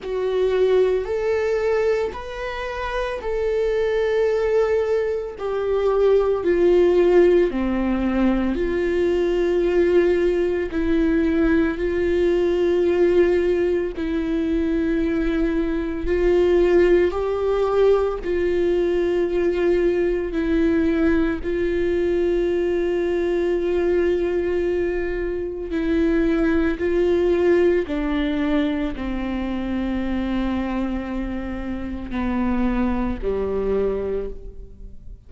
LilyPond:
\new Staff \with { instrumentName = "viola" } { \time 4/4 \tempo 4 = 56 fis'4 a'4 b'4 a'4~ | a'4 g'4 f'4 c'4 | f'2 e'4 f'4~ | f'4 e'2 f'4 |
g'4 f'2 e'4 | f'1 | e'4 f'4 d'4 c'4~ | c'2 b4 g4 | }